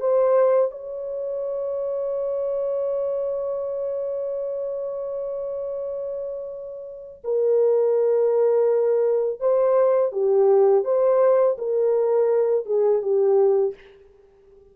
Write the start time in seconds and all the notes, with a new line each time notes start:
0.00 C5
0.71 C#5
7.24 A#4
9.40 C5
10.12 G4
10.84 C5
11.58 A#4
12.65 G#4
13.02 G4